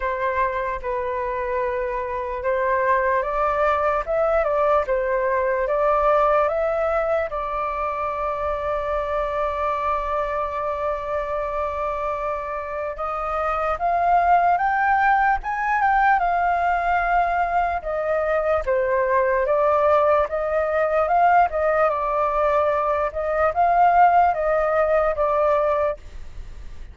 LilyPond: \new Staff \with { instrumentName = "flute" } { \time 4/4 \tempo 4 = 74 c''4 b'2 c''4 | d''4 e''8 d''8 c''4 d''4 | e''4 d''2.~ | d''1 |
dis''4 f''4 g''4 gis''8 g''8 | f''2 dis''4 c''4 | d''4 dis''4 f''8 dis''8 d''4~ | d''8 dis''8 f''4 dis''4 d''4 | }